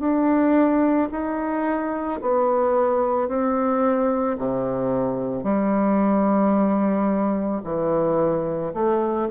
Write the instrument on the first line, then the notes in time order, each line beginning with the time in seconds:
bassoon
0.00 D4
1.12 D#4
2.22 B3
3.28 C4
4.38 C3
5.44 G3
7.64 E3
8.74 A3